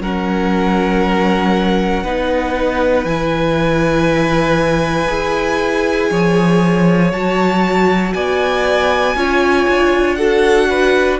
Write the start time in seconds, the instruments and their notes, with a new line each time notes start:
0.00 cello F#3, viola C#4, violin A#4 F#5
2.03 cello B3, viola D#4, violin B4
3.05 cello E3, viola E4, violin G#5
5.08 cello E4, viola G#4
6.11 cello F3, violin C#5
7.12 cello F#3, viola F#4, violin A5
8.14 cello B3, violin D5 G#5
9.15 cello C#4, viola F4, violin C#5
9.68 cello D4
10.15 viola F#4, violin A4 F#5
10.69 violin B4